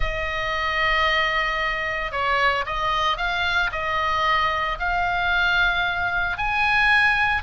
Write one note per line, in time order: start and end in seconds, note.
0.00 2.11 D#5
2.11 2.64 C#5
2.65 3.17 D#5
3.17 3.70 F5
3.72 4.78 D#5
4.79 6.37 F5
6.37 7.42 G#5